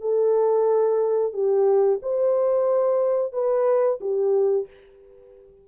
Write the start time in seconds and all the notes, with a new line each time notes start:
0.00 A4
1.32 G4
2.02 C5
3.32 B4
4.00 G4